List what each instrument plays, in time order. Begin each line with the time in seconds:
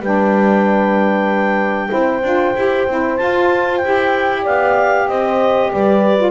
0.00 double bass G3, saxophone D4, horn B4, clarinet G5
1.88 double bass C4, saxophone E4, horn C5
2.23 double bass D4, saxophone F4
2.56 double bass E4, saxophone G4
2.87 double bass C4, saxophone E4
3.17 saxophone F4, double bass F4, clarinet A5
3.77 clarinet G5
3.84 double bass E4, saxophone G4
4.42 double bass B3, horn D5, clarinet F5
5.08 double bass C4, horn C5, clarinet D#5
5.71 double bass G3, horn B4, clarinet D5
6.17 saxophone F4